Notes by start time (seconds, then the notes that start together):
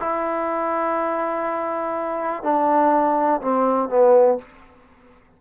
0.00 E4
2.43 D4
3.41 C4
3.89 B3